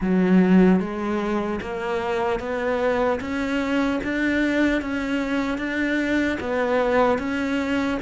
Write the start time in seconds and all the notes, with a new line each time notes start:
0.00 F#3
0.80 G#3
1.61 A#3
2.39 B3
3.20 C#4
4.03 D4
4.81 C#4
5.57 D4
6.40 B3
7.18 C#4